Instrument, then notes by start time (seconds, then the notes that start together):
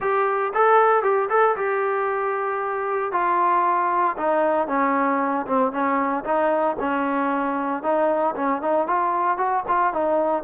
trombone
0.00 G4
0.54 A4
1.02 G4
1.29 A4
1.56 G4
3.12 F4
4.17 D#4
4.67 C#4
5.46 C4
5.71 C#4
6.24 D#4
6.79 C#4
7.82 D#4
8.35 C#4
8.61 D#4
8.87 F4
9.37 F#4
9.68 F4
9.93 D#4